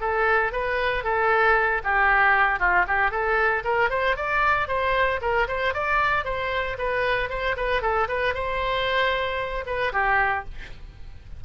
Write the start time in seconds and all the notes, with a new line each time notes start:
0.00 A4
0.52 B4
1.03 A4
1.84 G4
2.59 F4
2.87 G4
3.11 A4
3.64 A#4
3.89 C5
4.16 D5
4.67 C5
5.21 A#4
5.48 C5
5.73 D5
6.24 C5
6.78 B4
7.29 C5
7.56 B4
7.81 A4
8.08 B4
8.34 C5
9.66 B4
9.92 G4